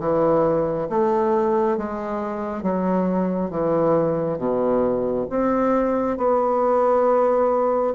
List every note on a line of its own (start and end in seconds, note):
0.00 0.88 E3
0.89 1.78 A3
1.78 2.63 G#3
2.63 3.50 F#3
3.50 4.38 E3
4.38 5.27 B2
5.30 6.17 C4
6.17 7.94 B3